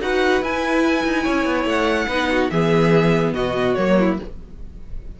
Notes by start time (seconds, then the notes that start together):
0.00 D#4 F#4 B4 F#5
0.41 E4 G#5
1.04 D#4
1.23 C#4 C#5
1.45 B3
1.65 A3 F#5
2.08 B3 D#4 B4
2.31 F#4
2.50 E3 B3 G#4 E5
3.33 B2 F#4 D#5
3.74 F#3 A#3 C#5
3.99 E4